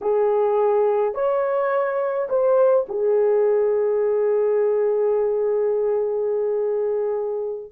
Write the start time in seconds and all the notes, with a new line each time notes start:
0.01 G#4
1.14 C#5
2.29 C5
2.89 G#4